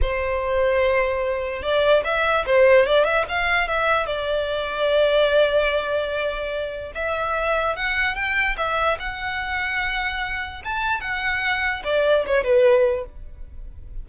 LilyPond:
\new Staff \with { instrumentName = "violin" } { \time 4/4 \tempo 4 = 147 c''1 | d''4 e''4 c''4 d''8 e''8 | f''4 e''4 d''2~ | d''1~ |
d''4 e''2 fis''4 | g''4 e''4 fis''2~ | fis''2 a''4 fis''4~ | fis''4 d''4 cis''8 b'4. | }